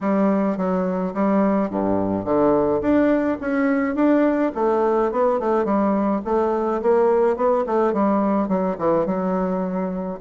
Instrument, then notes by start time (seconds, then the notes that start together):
bassoon
0.00 G3
0.57 F#3
1.14 G3
1.70 G2
2.24 D3
2.81 D4
3.40 C#4
3.95 D4
4.54 A3
5.11 B3
5.39 A3
5.64 G3
6.24 A3
6.82 A#3
7.36 B3
7.66 A3
7.93 G3
8.48 F#3
8.78 E3
9.05 F#3